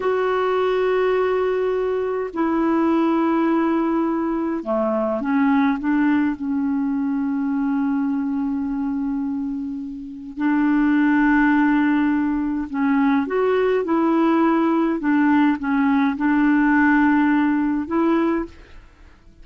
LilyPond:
\new Staff \with { instrumentName = "clarinet" } { \time 4/4 \tempo 4 = 104 fis'1 | e'1 | a4 cis'4 d'4 cis'4~ | cis'1~ |
cis'2 d'2~ | d'2 cis'4 fis'4 | e'2 d'4 cis'4 | d'2. e'4 | }